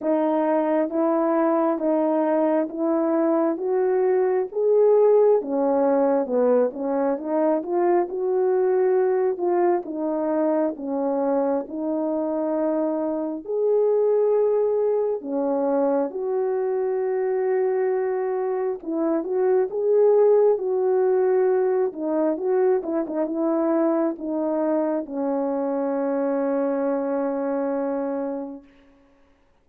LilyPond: \new Staff \with { instrumentName = "horn" } { \time 4/4 \tempo 4 = 67 dis'4 e'4 dis'4 e'4 | fis'4 gis'4 cis'4 b8 cis'8 | dis'8 f'8 fis'4. f'8 dis'4 | cis'4 dis'2 gis'4~ |
gis'4 cis'4 fis'2~ | fis'4 e'8 fis'8 gis'4 fis'4~ | fis'8 dis'8 fis'8 e'16 dis'16 e'4 dis'4 | cis'1 | }